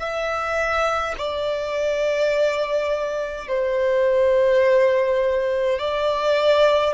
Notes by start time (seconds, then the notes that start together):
0.00 E5
1.19 D5
3.49 C5
5.80 D5